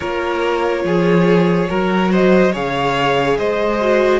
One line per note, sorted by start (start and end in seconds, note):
0.00 0.84 A#3
0.00 1.68 F4
0.00 0.82 A#4
0.00 2.10 C#5
0.84 1.68 F3
0.84 1.69 G#4
1.68 2.54 F#3
1.68 2.52 F#4
1.68 2.11 A#4
2.11 2.52 C5
2.11 2.55 D#5
2.52 3.39 C#3
2.52 3.79 G#4
2.52 3.37 C#5
2.52 3.38 F5
3.38 4.19 G#3
3.38 4.19 C5
3.38 4.19 D#5
3.80 4.19 F#4